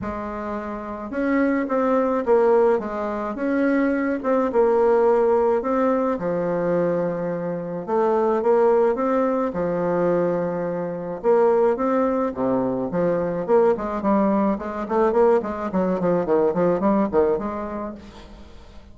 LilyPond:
\new Staff \with { instrumentName = "bassoon" } { \time 4/4 \tempo 4 = 107 gis2 cis'4 c'4 | ais4 gis4 cis'4. c'8 | ais2 c'4 f4~ | f2 a4 ais4 |
c'4 f2. | ais4 c'4 c4 f4 | ais8 gis8 g4 gis8 a8 ais8 gis8 | fis8 f8 dis8 f8 g8 dis8 gis4 | }